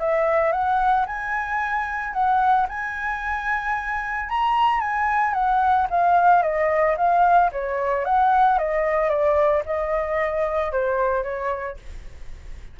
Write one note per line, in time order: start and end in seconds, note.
0.00 0.52 E5
0.52 1.06 F#5
1.07 2.14 G#5
2.14 2.67 F#5
2.69 4.29 G#5
4.29 4.81 A#5
4.81 5.34 G#5
5.34 5.87 F#5
5.91 6.43 F5
6.43 6.96 D#5
6.98 7.51 F5
7.52 8.05 C#5
8.05 8.59 F#5
8.59 9.10 D#5
9.10 9.63 D5
9.66 10.72 D#5
10.72 11.24 C5
11.24 11.77 C#5